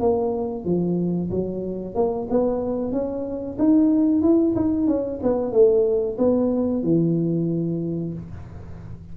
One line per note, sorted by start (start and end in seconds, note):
0.00 0.65 A#3
0.65 1.30 F3
1.31 1.95 F#3
1.95 2.28 A#3
2.30 2.92 B3
2.92 3.58 C#4
3.58 4.22 D#4
4.22 4.55 E4
4.56 4.88 D#4
4.88 5.20 C#4
5.23 5.52 B3
5.52 6.17 A3
6.18 6.83 B3
6.83 8.14 E3